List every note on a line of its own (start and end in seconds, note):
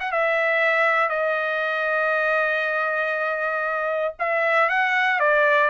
0.00 0.11 F#5
0.11 1.09 E5
1.09 4.14 D#5
4.19 4.69 E5
4.69 5.20 F#5
5.20 5.69 D5